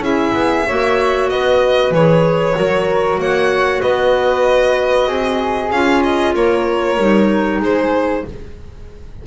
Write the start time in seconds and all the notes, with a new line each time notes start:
0.00 C#4 E4 G#4 E5
0.34 B3
0.67 A#3 F#4 C#5
1.30 B3 B4 D#5
1.91 E3 G#4 C#5
2.55 F#3 F#4 A#4
3.18 A#3 C#5 F#5
3.82 B3 B4 D#5
5.07 C4 G#4
5.71 C#4 F4 F5
6.03 D#5
6.35 A#3 A#4 C#5
6.98 G3 D#4
7.60 G#3 G#4 C5